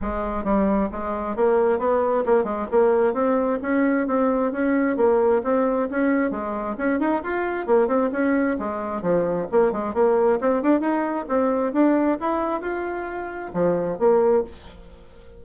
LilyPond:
\new Staff \with { instrumentName = "bassoon" } { \time 4/4 \tempo 4 = 133 gis4 g4 gis4 ais4 | b4 ais8 gis8 ais4 c'4 | cis'4 c'4 cis'4 ais4 | c'4 cis'4 gis4 cis'8 dis'8 |
f'4 ais8 c'8 cis'4 gis4 | f4 ais8 gis8 ais4 c'8 d'8 | dis'4 c'4 d'4 e'4 | f'2 f4 ais4 | }